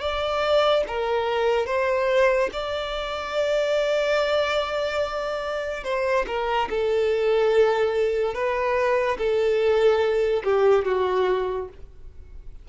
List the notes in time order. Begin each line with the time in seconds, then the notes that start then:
0.00 D5
0.87 A#4
1.66 C5
2.52 D5
5.84 C5
6.27 A#4
6.70 A4
8.34 B4
9.18 A4
10.44 G4
10.85 F#4